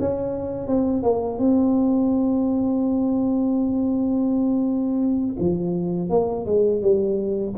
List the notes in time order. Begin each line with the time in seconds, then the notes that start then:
0.00 C#4
0.68 C4
1.03 A#3
1.39 C4
5.40 F3
6.10 A#3
6.46 G#3
6.82 G3